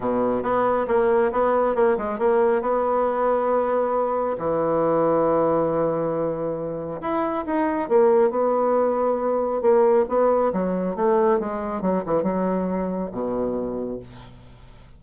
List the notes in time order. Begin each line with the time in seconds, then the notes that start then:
0.00 B2
0.42 B3
0.87 A#3
1.32 B3
1.75 A#3
1.97 G#3
2.18 A#3
2.61 B3
4.38 E3
7.01 E4
7.46 D#4
7.88 A#3
8.30 B3
9.61 A#3
10.08 B3
10.52 F#3
10.95 A3
11.39 G#3
11.81 F#3
12.05 E3
12.22 F#3
13.11 B2